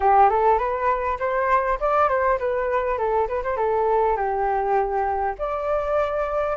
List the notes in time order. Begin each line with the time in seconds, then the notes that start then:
0.00 G4
0.29 A4
0.58 B4
1.19 C5
1.80 D5
2.08 C5
2.38 B4
2.98 A4
3.28 B4
3.43 C5
3.56 A4
4.16 G4
5.38 D5